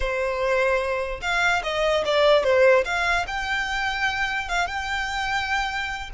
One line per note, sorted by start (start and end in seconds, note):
0.00 1.20 C5
1.21 1.62 F5
1.63 2.04 D#5
2.05 2.43 D5
2.43 2.84 C5
2.84 3.25 F5
3.27 4.48 G5
4.48 4.67 F5
4.67 6.09 G5